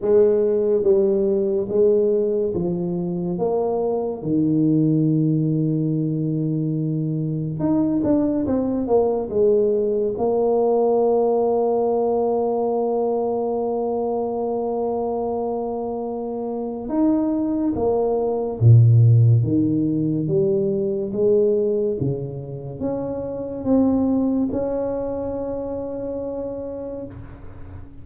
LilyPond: \new Staff \with { instrumentName = "tuba" } { \time 4/4 \tempo 4 = 71 gis4 g4 gis4 f4 | ais4 dis2.~ | dis4 dis'8 d'8 c'8 ais8 gis4 | ais1~ |
ais1 | dis'4 ais4 ais,4 dis4 | g4 gis4 cis4 cis'4 | c'4 cis'2. | }